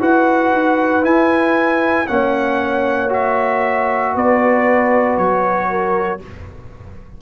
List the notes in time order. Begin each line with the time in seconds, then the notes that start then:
0.00 E4 F#4 B4 F#5
0.52 D#4
1.03 E4 G#5
2.07 A#3 C#4 C#5 F#5
3.09 F#4 E5
4.15 B3 B4 D5
5.17 F#3 C#5
5.70 A#4